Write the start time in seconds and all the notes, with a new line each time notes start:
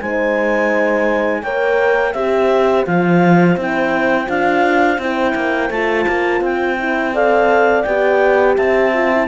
0.00 G#3 D#4 C5 G#5
1.42 A#3 A#4 C#5 G5
2.13 C4 G4 C5 E5
2.86 F3 F4 F5
3.56 C4 E4 G5
4.26 D4 F4 F5
4.98 C4 E4 G5
5.35 A#3
5.70 A3 F4 A5
6.07 A#3
6.40 C4 G5
6.78 E4
7.13 A4 D5 F5
7.82 B3 G4 G5
8.56 C4 E5 A5
8.93 F4
9.11 E4